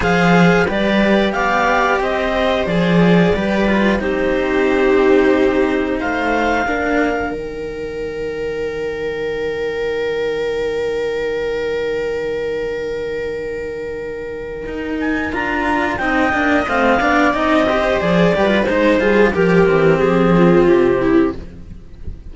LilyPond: <<
  \new Staff \with { instrumentName = "clarinet" } { \time 4/4 \tempo 4 = 90 f''4 d''4 f''4 dis''4 | d''2 c''2~ | c''4 f''2 g''4~ | g''1~ |
g''1~ | g''2~ g''8 gis''8 ais''4 | g''4 f''4 dis''4 d''4 | c''4 ais'4 gis'4 g'4 | }
  \new Staff \with { instrumentName = "viola" } { \time 4/4 c''4 b'4 d''4 c''4~ | c''4 b'4 g'2~ | g'4 c''4 ais'2~ | ais'1~ |
ais'1~ | ais'1 | dis''4. d''4 c''4 b'8 | c''8 gis'8 g'4. f'4 e'8 | }
  \new Staff \with { instrumentName = "cello" } { \time 4/4 gis'4 g'2. | gis'4 g'8 f'8 dis'2~ | dis'2 d'4 dis'4~ | dis'1~ |
dis'1~ | dis'2. f'4 | dis'8 d'8 c'8 d'8 dis'8 g'8 gis'8 g'16 f'16 | dis'8 f'8 g'8 c'2~ c'8 | }
  \new Staff \with { instrumentName = "cello" } { \time 4/4 f4 g4 b4 c'4 | f4 g4 c'2~ | c'4 a4 ais4 dis4~ | dis1~ |
dis1~ | dis2 dis'4 d'4 | c'8 ais8 a8 b8 c'4 f8 g8 | gis8 g8 f8 e8 f4 c4 | }
>>